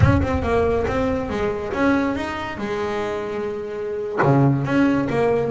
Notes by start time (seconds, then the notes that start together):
0.00 C#4
0.22 C4
0.42 A#3
0.87 C4
1.29 G#3
1.73 C#4
2.15 D#4
2.57 G#3
4.22 C#3
4.64 C#4
5.09 A#3